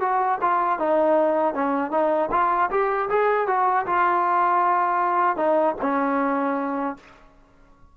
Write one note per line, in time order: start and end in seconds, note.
0.00 0.38 F#4
0.41 0.79 F4
0.79 1.54 D#4
1.54 1.91 C#4
1.91 2.29 D#4
2.31 2.70 F4
2.70 3.09 G4
3.09 3.47 G#4
3.47 3.85 F#4
3.86 5.36 F4
5.36 5.75 D#4
5.81 6.97 C#4